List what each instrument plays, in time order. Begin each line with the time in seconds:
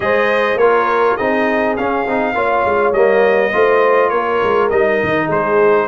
0.00 tuba G#3, trombone G#4, horn C5, trumpet D#5
0.55 tuba A#3, trombone F4, horn A#4, trumpet C#5
1.16 tuba C4, trombone D#4, horn G#4, trumpet D#5
1.76 trombone C#4, tuba C#4, trumpet F5
2.06 tuba C4, trombone D#4
2.34 tuba A#3, trombone F4, horn C#5
2.64 tuba G#3
2.93 tuba G3, trombone A#3, trumpet D#5
3.52 tuba A3, trombone F4, horn C5
4.09 tuba A#3, horn A#4, trumpet C#5
4.43 tuba G#3
4.69 tuba G3, trombone D#4, trumpet D#5
5.03 tuba D#3
5.25 tuba G#3, horn G#4, trumpet C5